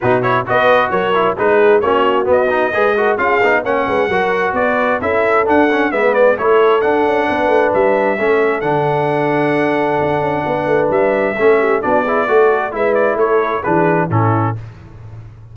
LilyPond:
<<
  \new Staff \with { instrumentName = "trumpet" } { \time 4/4 \tempo 4 = 132 b'8 cis''8 dis''4 cis''4 b'4 | cis''4 dis''2 f''4 | fis''2 d''4 e''4 | fis''4 e''8 d''8 cis''4 fis''4~ |
fis''4 e''2 fis''4~ | fis''1 | e''2 d''2 | e''8 d''8 cis''4 b'4 a'4 | }
  \new Staff \with { instrumentName = "horn" } { \time 4/4 fis'4 b'4 ais'4 gis'4 | fis'2 b'8 ais'8 gis'4 | cis''8 b'8 ais'4 b'4 a'4~ | a'4 b'4 a'2 |
b'2 a'2~ | a'2. b'4~ | b'4 a'8 g'8 fis'8 gis'8 a'4 | b'4 a'4 gis'4 e'4 | }
  \new Staff \with { instrumentName = "trombone" } { \time 4/4 dis'8 e'8 fis'4. e'8 dis'4 | cis'4 b8 dis'8 gis'8 fis'8 f'8 dis'8 | cis'4 fis'2 e'4 | d'8 cis'8 b4 e'4 d'4~ |
d'2 cis'4 d'4~ | d'1~ | d'4 cis'4 d'8 e'8 fis'4 | e'2 d'4 cis'4 | }
  \new Staff \with { instrumentName = "tuba" } { \time 4/4 b,4 b4 fis4 gis4 | ais4 b4 gis4 cis'8 b8 | ais8 gis8 fis4 b4 cis'4 | d'4 gis4 a4 d'8 cis'8 |
b8 a8 g4 a4 d4~ | d2 d'8 cis'8 b8 a8 | g4 a4 b4 a4 | gis4 a4 e4 a,4 | }
>>